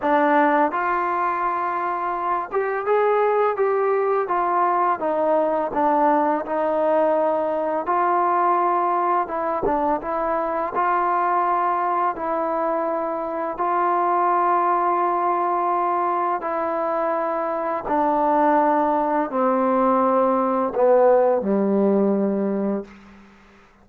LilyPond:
\new Staff \with { instrumentName = "trombone" } { \time 4/4 \tempo 4 = 84 d'4 f'2~ f'8 g'8 | gis'4 g'4 f'4 dis'4 | d'4 dis'2 f'4~ | f'4 e'8 d'8 e'4 f'4~ |
f'4 e'2 f'4~ | f'2. e'4~ | e'4 d'2 c'4~ | c'4 b4 g2 | }